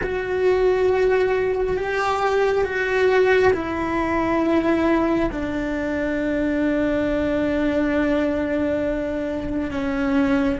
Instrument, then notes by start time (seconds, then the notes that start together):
cello
0.02 F#4
1.76 G4
2.64 F#4
3.53 E4
5.31 D4
9.70 C#4